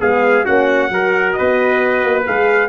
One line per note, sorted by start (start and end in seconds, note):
0.00 0.46 G#3
0.00 0.45 B3
0.00 0.44 G#4
0.00 0.45 F5
0.44 0.90 A#3
0.44 0.90 C#4
0.44 0.89 F#4
0.44 1.32 F#5
0.90 1.35 F#3
0.90 2.25 F#4
0.90 1.38 A#4
1.32 2.69 B4
1.32 2.23 D#5
1.40 2.03 B3
2.03 2.26 A#3
2.25 2.69 G#3
2.25 2.69 G#4
2.25 2.69 F5